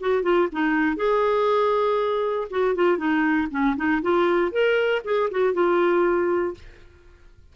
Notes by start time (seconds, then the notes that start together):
0.00 F#4
0.22 F4
0.52 D#4
0.96 G#4
2.50 F#4
2.75 F4
2.97 D#4
3.50 C#4
3.76 D#4
4.01 F4
4.51 A#4
5.04 G#4
5.30 F#4
5.53 F4